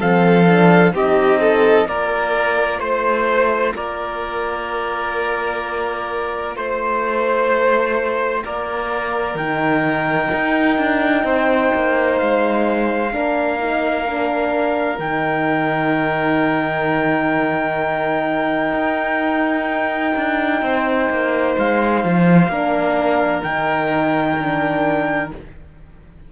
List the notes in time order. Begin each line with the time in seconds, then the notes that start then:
0.00 F3 C4 A4 F5
0.46 D4
0.93 C4 D#4 G4 D#5
1.41 A4
1.86 A#3 F4 A#4 D5
2.80 A3 C5
3.75 A#3 A#4 D5
6.56 A3 C5
8.44 A#3 A#4 D5
9.35 D#3 D#4 G5
10.34 D#4
10.78 D4
11.24 C4 C5
11.75 A#3
12.19 G#3 F5
13.12 A#3 D4 A#4
13.59 D#4
14.06 D4
14.99 D#3 D#4 G5
18.73 D#4
20.16 D4
20.62 C4 C5
21.10 A#3
21.58 G#3 F5
22.04 F3
22.48 A#3 D4 A#4
23.43 D#3 D#4 G5
24.39 D4